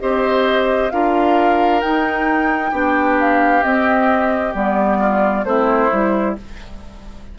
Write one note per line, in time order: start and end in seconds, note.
0.00 0.92 C4
0.00 0.91 G4
0.00 0.93 C5
0.00 0.91 D#5
0.91 1.83 D4
0.91 1.82 F4
0.91 2.71 A#4
0.91 1.81 F5
1.81 2.73 D#4
1.81 2.72 D#4
1.81 3.17 G5
2.71 3.63 B3
2.71 3.63 D4
2.71 4.98 G4
3.20 3.63 F5
3.63 4.53 C4
3.63 4.55 C4
3.63 4.54 D#5
4.53 5.45 G3
4.53 5.44 B3
4.53 5.45 D5
4.99 5.45 F4
5.45 5.90 A3
5.45 5.91 C4
5.45 6.39 E4
5.45 6.36 C5
5.91 6.37 G3
5.91 6.36 E4